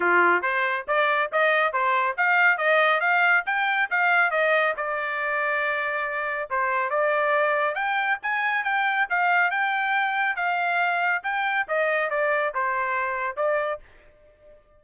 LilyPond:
\new Staff \with { instrumentName = "trumpet" } { \time 4/4 \tempo 4 = 139 f'4 c''4 d''4 dis''4 | c''4 f''4 dis''4 f''4 | g''4 f''4 dis''4 d''4~ | d''2. c''4 |
d''2 g''4 gis''4 | g''4 f''4 g''2 | f''2 g''4 dis''4 | d''4 c''2 d''4 | }